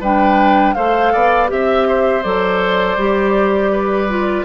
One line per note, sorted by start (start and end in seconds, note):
0.00 0.74 G3
0.00 0.76 D4
0.00 0.74 B4
0.00 0.74 G5
0.74 1.14 A3
0.74 1.48 A4
0.74 1.12 C5
0.74 1.48 F5
1.13 1.51 B3
1.13 1.50 D5
1.48 2.24 C4
1.48 2.22 G4
1.48 2.23 E5
1.48 1.87 E5
1.87 3.72 C5
2.23 2.96 F#3
2.23 2.98 A4
2.23 4.45 D5
2.96 4.44 G3
2.96 4.08 G4
3.72 4.45 B4
4.08 4.45 F4